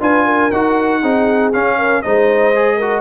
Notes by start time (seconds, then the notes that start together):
0.00 D4 F4 B4 G#5
0.25 A#4
0.51 D#4 F#4 F#5
1.01 C4 D#4 G#4
1.53 C#4 F5
1.78 A#4
2.02 G#3 D#4 C5 D#5
2.55 G#4
2.76 F#4 A#4